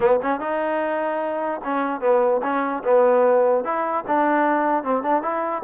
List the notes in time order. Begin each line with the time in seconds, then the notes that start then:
0.00 B3
0.22 C#4
0.40 D#4
1.63 C#4
2.01 B3
2.43 C#4
2.84 B3
3.64 E4
4.07 D4
4.83 C4
5.02 D4
5.22 E4